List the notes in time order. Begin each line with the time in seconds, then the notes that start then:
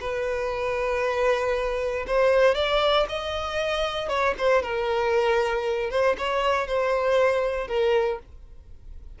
0.00 B4
2.07 C5
2.55 D5
3.08 D#5
4.08 C#5
4.38 C5
4.62 A#4
5.90 C5
6.18 C#5
6.67 C5
7.67 A#4